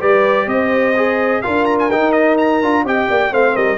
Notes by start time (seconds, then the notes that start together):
0.00 G3 G4 B4 D5
0.46 C4 C5 D#5
0.96 G#4
1.42 D4 F4 A#4 F5
1.65 A#5
1.79 G#5
1.91 D#4 G5
2.12 D#5
2.38 A#5
2.63 D4 F4
2.84 C4 G4 D#5 G5
3.09 A#3 D5
3.32 A3 C4 C5 F5
3.55 G3 A#4 D#5